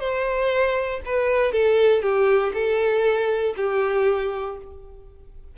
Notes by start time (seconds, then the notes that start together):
0.00 C5
1.06 B4
1.52 A4
2.02 G4
2.54 A4
3.57 G4